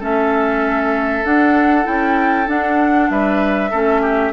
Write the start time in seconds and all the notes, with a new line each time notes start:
0.00 A3 C#4 A4 E5
1.24 D4 F#5
1.84 C#4 E4 G5
2.47 D4 F#5
3.10 G3 B4 E5
3.71 A3 C#4 A4
4.02 G4